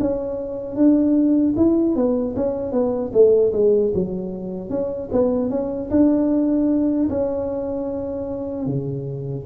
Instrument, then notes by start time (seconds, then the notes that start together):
tuba
0.00 C#4
0.75 D4
1.56 E4
1.95 B3
2.36 C#4
2.72 B3
3.13 A3
3.53 G#3
3.94 F#3
4.69 C#4
5.12 B3
5.50 C#4
5.90 D4
7.09 C#4
8.66 C#3